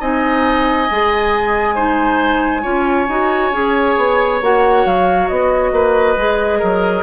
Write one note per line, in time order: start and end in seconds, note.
0.00 0.89 C4
0.00 0.88 D#4
0.00 1.75 D#5
0.00 4.42 G#5
0.91 2.66 G#3
0.91 1.76 G#4
1.75 2.62 D#4
1.75 2.62 C5
2.62 3.08 C#4
2.62 3.07 F4
2.62 5.71 C#5
3.08 3.52 D#4
3.08 3.53 F#4
3.52 3.96 C#4
3.52 4.41 G#4
3.97 4.42 B3
4.42 4.86 A#3
4.42 6.17 F#4
4.42 4.87 F#5
4.86 5.30 F#3
4.86 5.29 F5
5.29 5.72 B3
5.29 7.03 D#5
5.72 6.16 A#3
5.72 6.59 B4
6.17 6.61 G#3
6.17 7.03 G#4
6.59 7.03 F#3
6.59 7.03 A#4